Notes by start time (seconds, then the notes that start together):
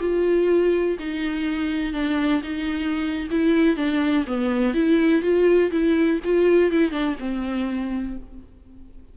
0.00 F4
0.99 D#4
1.93 D4
2.43 D#4
3.31 E4
3.76 D4
4.27 B3
4.74 E4
5.22 F4
5.71 E4
6.24 F4
6.72 E4
6.91 D4
7.19 C4